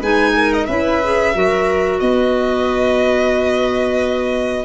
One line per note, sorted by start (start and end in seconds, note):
0.00 0.68 G#3
0.00 0.69 D#4
0.00 0.33 B4
0.00 0.53 G#5
0.36 0.68 A#4
0.53 0.67 D#5
0.67 1.35 C#4
0.67 1.02 E4
0.67 1.35 B4
0.67 2.00 E5
1.04 1.35 G#4
1.35 2.01 F#3
1.35 4.65 F#4
1.35 2.02 A#4
2.00 4.65 B3
2.00 4.65 B4
2.00 4.65 D#5